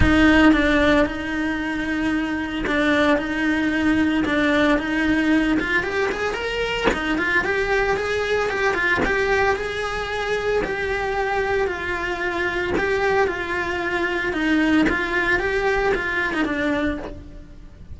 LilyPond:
\new Staff \with { instrumentName = "cello" } { \time 4/4 \tempo 4 = 113 dis'4 d'4 dis'2~ | dis'4 d'4 dis'2 | d'4 dis'4. f'8 g'8 gis'8 | ais'4 dis'8 f'8 g'4 gis'4 |
g'8 f'8 g'4 gis'2 | g'2 f'2 | g'4 f'2 dis'4 | f'4 g'4 f'8. dis'16 d'4 | }